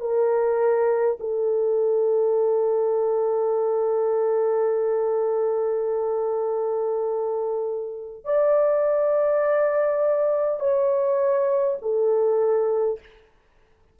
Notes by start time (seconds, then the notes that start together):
0.00 A#4
1.19 A4
8.25 D5
10.59 C#5
11.81 A4